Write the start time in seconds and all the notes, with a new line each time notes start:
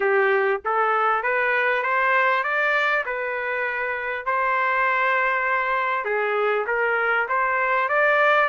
0.00 G4
0.64 A4
1.23 B4
1.83 C5
2.43 D5
3.05 B4
4.25 C5
6.04 G#4
6.67 A#4
7.28 C5
7.88 D5